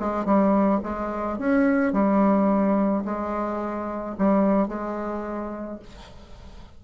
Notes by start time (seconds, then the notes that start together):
0.00 G#3
0.26 G3
0.84 G#3
1.39 C#4
1.93 G3
3.05 G#3
4.19 G3
4.69 G#3